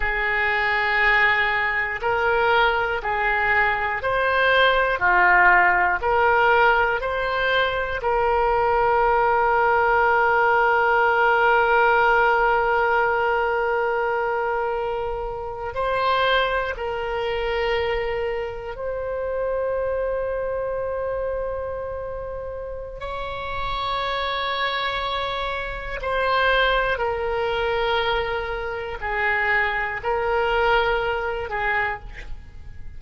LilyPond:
\new Staff \with { instrumentName = "oboe" } { \time 4/4 \tempo 4 = 60 gis'2 ais'4 gis'4 | c''4 f'4 ais'4 c''4 | ais'1~ | ais'2.~ ais'8. c''16~ |
c''8. ais'2 c''4~ c''16~ | c''2. cis''4~ | cis''2 c''4 ais'4~ | ais'4 gis'4 ais'4. gis'8 | }